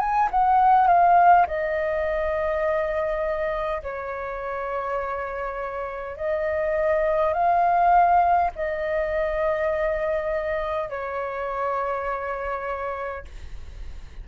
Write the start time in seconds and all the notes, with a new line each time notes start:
0.00 G#5
0.32 F#5
0.88 F5
1.48 D#5
3.83 C#5
6.17 D#5
7.34 F5
8.56 D#5
10.90 C#5